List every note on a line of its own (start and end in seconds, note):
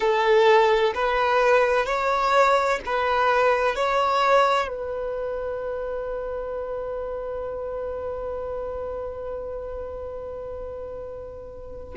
0.00 0.93 A4
0.94 1.85 B4
1.85 2.79 C#5
2.85 3.75 B4
3.75 4.68 C#5
4.68 11.94 B4